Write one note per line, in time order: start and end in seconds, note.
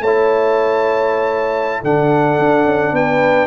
0.00 1.81 A3
0.00 1.83 E4
0.00 1.82 C#5
0.00 1.83 A5
1.82 2.38 D3
1.82 3.46 D4
1.82 2.93 A4
1.82 2.95 F#5
2.38 2.65 D4
2.65 2.92 C#4
2.92 3.46 B3
2.92 3.46 B4
2.92 3.46 G5